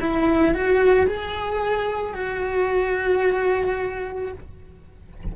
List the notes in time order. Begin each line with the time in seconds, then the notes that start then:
0.00 E4
0.54 F#4
1.06 G#4
2.14 F#4